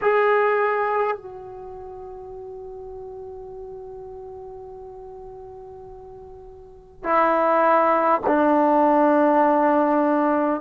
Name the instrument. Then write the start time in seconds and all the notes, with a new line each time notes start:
trombone
0.01 G#4
1.17 F#4
7.03 E4
8.27 D4